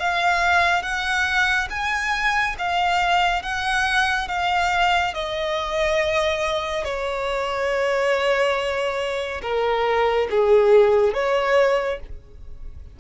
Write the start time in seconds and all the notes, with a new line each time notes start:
0.00 F5
0.83 F#5
1.71 G#5
2.59 F5
3.43 F#5
4.29 F5
5.14 D#5
6.85 C#5
9.42 A#4
10.31 G#4
11.14 C#5